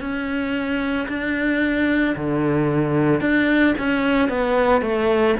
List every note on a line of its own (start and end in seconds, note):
0.00 1.07 C#4
1.09 2.16 D4
2.16 3.21 D3
3.21 3.75 D4
3.78 4.29 C#4
4.29 4.82 B3
4.82 5.35 A3